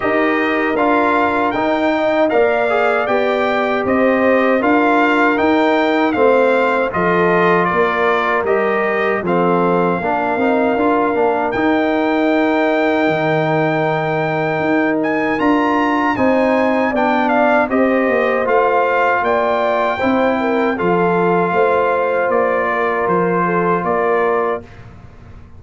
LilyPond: <<
  \new Staff \with { instrumentName = "trumpet" } { \time 4/4 \tempo 4 = 78 dis''4 f''4 g''4 f''4 | g''4 dis''4 f''4 g''4 | f''4 dis''4 d''4 dis''4 | f''2. g''4~ |
g''2.~ g''8 gis''8 | ais''4 gis''4 g''8 f''8 dis''4 | f''4 g''2 f''4~ | f''4 d''4 c''4 d''4 | }
  \new Staff \with { instrumentName = "horn" } { \time 4/4 ais'2~ ais'8 dis''8 d''4~ | d''4 c''4 ais'2 | c''4 a'4 ais'2 | a'4 ais'2.~ |
ais'1~ | ais'4 c''4 d''4 c''4~ | c''4 d''4 c''8 ais'8 a'4 | c''4. ais'4 a'8 ais'4 | }
  \new Staff \with { instrumentName = "trombone" } { \time 4/4 g'4 f'4 dis'4 ais'8 gis'8 | g'2 f'4 dis'4 | c'4 f'2 g'4 | c'4 d'8 dis'8 f'8 d'8 dis'4~ |
dis'1 | f'4 dis'4 d'4 g'4 | f'2 e'4 f'4~ | f'1 | }
  \new Staff \with { instrumentName = "tuba" } { \time 4/4 dis'4 d'4 dis'4 ais4 | b4 c'4 d'4 dis'4 | a4 f4 ais4 g4 | f4 ais8 c'8 d'8 ais8 dis'4~ |
dis'4 dis2 dis'4 | d'4 c'4 b4 c'8 ais8 | a4 ais4 c'4 f4 | a4 ais4 f4 ais4 | }
>>